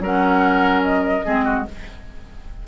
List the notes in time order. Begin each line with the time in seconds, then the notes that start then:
0.00 F#3 C#4 A#4 F#5
0.83 D#5
1.25 G#3 C4 G#4
1.45 F#4